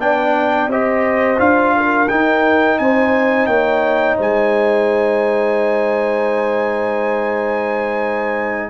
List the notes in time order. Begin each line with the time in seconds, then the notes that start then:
0.00 B3 D4 D5 G5
0.68 C4 G4 C5 D#5
1.38 D4 F4 F5
1.77 A#4
2.09 D#4 G5
2.79 C4 C5 G#5
3.47 A#3 C#5 G5
4.18 G#3 C5 G#5